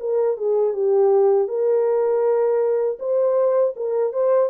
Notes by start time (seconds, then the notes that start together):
0.00 A#4
0.37 G#4
0.74 G4
1.48 A#4
2.99 C5
3.76 A#4
4.13 C5